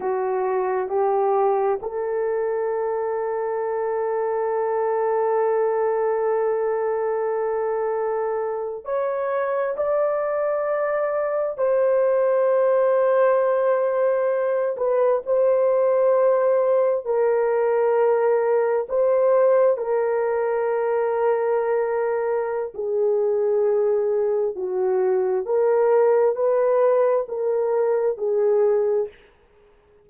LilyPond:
\new Staff \with { instrumentName = "horn" } { \time 4/4 \tempo 4 = 66 fis'4 g'4 a'2~ | a'1~ | a'4.~ a'16 cis''4 d''4~ d''16~ | d''8. c''2.~ c''16~ |
c''16 b'8 c''2 ais'4~ ais'16~ | ais'8. c''4 ais'2~ ais'16~ | ais'4 gis'2 fis'4 | ais'4 b'4 ais'4 gis'4 | }